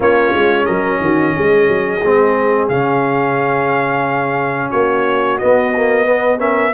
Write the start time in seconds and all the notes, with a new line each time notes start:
0.00 A#3 C#4 F4 C#5
0.33 G#3
0.65 F#3 A#4 D#5
1.01 D#3 F#4
1.35 G#3 G#4
1.68 F#3
2.02 G#3 C4
2.68 C#3 C#4 F5
4.69 A#3 F#4 C#5
5.38 B3 D#5
5.75 A#3
6.06 B3 B4
6.38 C#4 A#4 E5